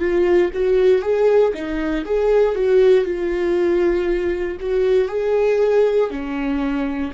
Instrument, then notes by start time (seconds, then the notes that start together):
viola
0.00 F4
0.54 F#4
1.02 G#4
1.54 D#4
2.05 G#4
2.55 F#4
3.05 F4
4.60 F#4
5.09 G#4
6.11 C#4